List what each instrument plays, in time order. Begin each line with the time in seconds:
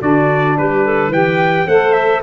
0.00 tuba D3, saxophone D4, clarinet F#4, trumpet D5
0.57 tuba G3, clarinet G4, trumpet B4
0.84 clarinet A4
1.08 tuba E3, saxophone G4, clarinet B4, trumpet G5
1.66 tuba A3, saxophone A4, clarinet C5, trumpet F#5
1.92 trumpet E5